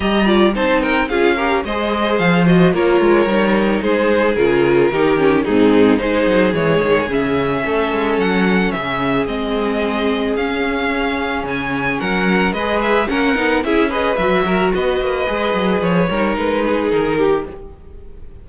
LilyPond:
<<
  \new Staff \with { instrumentName = "violin" } { \time 4/4 \tempo 4 = 110 ais''4 a''8 g''8 f''4 dis''4 | f''8 dis''8 cis''2 c''4 | ais'2 gis'4 c''4 | cis''4 e''2 fis''4 |
e''4 dis''2 f''4~ | f''4 gis''4 fis''4 dis''8 e''8 | fis''4 e''8 dis''8 e''4 dis''4~ | dis''4 cis''4 b'4 ais'4 | }
  \new Staff \with { instrumentName = "violin" } { \time 4/4 dis''8 d''8 c''8 ais'8 gis'8 ais'8 c''4~ | c''4 ais'2 gis'4~ | gis'4 g'4 dis'4 gis'4~ | gis'2 a'2 |
gis'1~ | gis'2 ais'4 b'4 | ais'4 gis'8 b'4 ais'8 b'4~ | b'4. ais'4 gis'4 g'8 | }
  \new Staff \with { instrumentName = "viola" } { \time 4/4 g'8 f'8 dis'4 f'8 g'8 gis'4~ | gis'8 fis'8 f'4 dis'2 | f'4 dis'8 cis'8 c'4 dis'4 | gis4 cis'2.~ |
cis'4 c'2 cis'4~ | cis'2. gis'4 | cis'8 dis'8 e'8 gis'8 fis'2 | gis'4. dis'2~ dis'8 | }
  \new Staff \with { instrumentName = "cello" } { \time 4/4 g4 c'4 cis'4 gis4 | f4 ais8 gis8 g4 gis4 | cis4 dis4 gis,4 gis8 fis8 | e8 dis8 cis4 a8 gis8 fis4 |
cis4 gis2 cis'4~ | cis'4 cis4 fis4 gis4 | ais8 b8 cis'4 fis4 b8 ais8 | gis8 fis8 f8 g8 gis4 dis4 | }
>>